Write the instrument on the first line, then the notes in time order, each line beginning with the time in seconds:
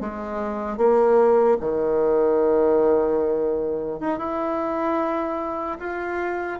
bassoon
0.00 G#3
0.77 A#3
1.60 D#3
4.00 D#4
4.18 E4
5.79 F4